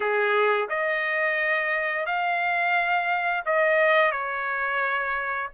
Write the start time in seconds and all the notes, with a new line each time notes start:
0.00 G#4
0.69 D#5
2.06 F5
3.45 D#5
4.11 C#5